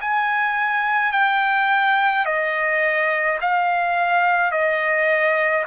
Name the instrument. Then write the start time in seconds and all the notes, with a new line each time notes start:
trumpet
0.00 G#5
1.12 G5
2.25 D#5
3.41 F5
4.51 D#5